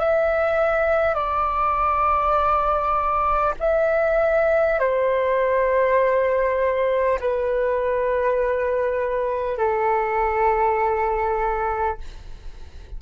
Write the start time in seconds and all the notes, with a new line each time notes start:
0.00 E5
1.15 D5
3.60 E5
4.80 C5
7.21 B4
9.58 A4